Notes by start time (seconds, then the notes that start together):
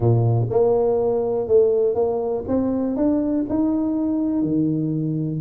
0.00 A#2
0.50 A#3
1.47 A3
1.94 A#3
2.47 C4
2.96 D4
3.49 D#4
4.42 D#3